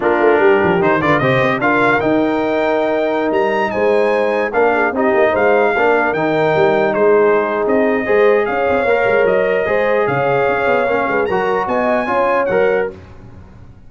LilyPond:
<<
  \new Staff \with { instrumentName = "trumpet" } { \time 4/4 \tempo 4 = 149 ais'2 c''8 d''8 dis''4 | f''4 g''2.~ | g''16 ais''4 gis''2 f''8.~ | f''16 dis''4 f''2 g''8.~ |
g''4~ g''16 c''4.~ c''16 dis''4~ | dis''4 f''2 dis''4~ | dis''4 f''2. | ais''4 gis''2 fis''4 | }
  \new Staff \with { instrumentName = "horn" } { \time 4/4 f'4 g'4. b'8 c''4 | ais'1~ | ais'4~ ais'16 c''2 ais'8 gis'16~ | gis'16 g'4 c''4 ais'4.~ ais'16~ |
ais'4~ ais'16 gis'2~ gis'8. | c''4 cis''2. | c''4 cis''2~ cis''8 b'8 | ais'4 dis''4 cis''2 | }
  \new Staff \with { instrumentName = "trombone" } { \time 4/4 d'2 dis'8 f'8 g'4 | f'4 dis'2.~ | dis'2.~ dis'16 d'8.~ | d'16 dis'2 d'4 dis'8.~ |
dis'1 | gis'2 ais'2 | gis'2. cis'4 | fis'2 f'4 ais'4 | }
  \new Staff \with { instrumentName = "tuba" } { \time 4/4 ais8 a8 g8 f8 dis8 d8 c8 c'8 | d'4 dis'2.~ | dis'16 g4 gis2 ais8.~ | ais16 c'8 ais8 gis4 ais4 dis8.~ |
dis16 g4 gis4.~ gis16 c'4 | gis4 cis'8 c'8 ais8 gis8 fis4 | gis4 cis4 cis'8 b8 ais8 gis8 | fis4 b4 cis'4 fis4 | }
>>